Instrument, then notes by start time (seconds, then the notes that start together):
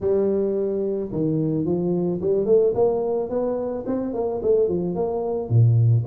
tuba
0.00 G3
1.12 D#3
1.65 F3
2.21 G3
2.45 A3
2.74 A#3
3.29 B3
3.86 C4
4.13 A#3
4.42 A3
4.68 F3
4.95 A#3
5.49 A#2